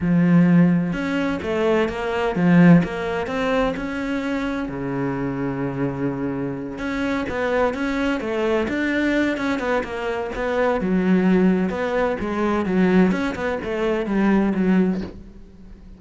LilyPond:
\new Staff \with { instrumentName = "cello" } { \time 4/4 \tempo 4 = 128 f2 cis'4 a4 | ais4 f4 ais4 c'4 | cis'2 cis2~ | cis2~ cis8 cis'4 b8~ |
b8 cis'4 a4 d'4. | cis'8 b8 ais4 b4 fis4~ | fis4 b4 gis4 fis4 | cis'8 b8 a4 g4 fis4 | }